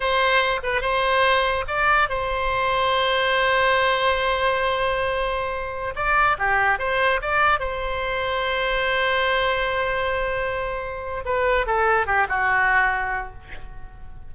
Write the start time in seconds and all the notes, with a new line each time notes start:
0.00 C5
0.63 B4
0.81 C5
1.67 D5
2.09 C5
5.95 D5
6.38 G4
6.79 C5
7.21 D5
7.59 C5
11.25 B4
11.66 A4
12.06 G4
12.28 F#4